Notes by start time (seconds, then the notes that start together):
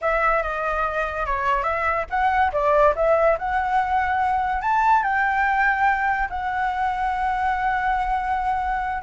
0.01 E5
0.43 D#5
1.26 C#5
1.63 E5
2.09 F#5
2.52 D5
2.95 E5
3.38 F#5
4.61 A5
5.03 G5
6.29 F#5